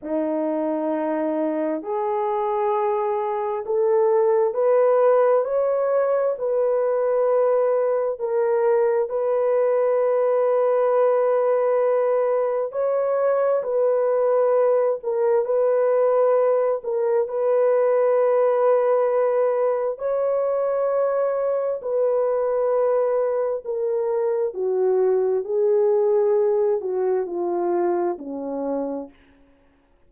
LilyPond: \new Staff \with { instrumentName = "horn" } { \time 4/4 \tempo 4 = 66 dis'2 gis'2 | a'4 b'4 cis''4 b'4~ | b'4 ais'4 b'2~ | b'2 cis''4 b'4~ |
b'8 ais'8 b'4. ais'8 b'4~ | b'2 cis''2 | b'2 ais'4 fis'4 | gis'4. fis'8 f'4 cis'4 | }